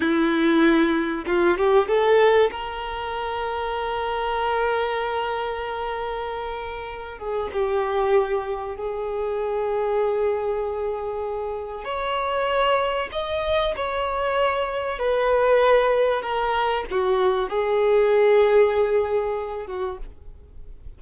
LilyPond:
\new Staff \with { instrumentName = "violin" } { \time 4/4 \tempo 4 = 96 e'2 f'8 g'8 a'4 | ais'1~ | ais'2.~ ais'8 gis'8 | g'2 gis'2~ |
gis'2. cis''4~ | cis''4 dis''4 cis''2 | b'2 ais'4 fis'4 | gis'2.~ gis'8 fis'8 | }